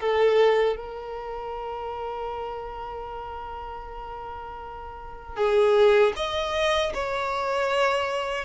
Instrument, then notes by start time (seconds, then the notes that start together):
violin
0.00 A4
0.76 A#4
5.36 G#4
6.16 D#5
6.94 C#5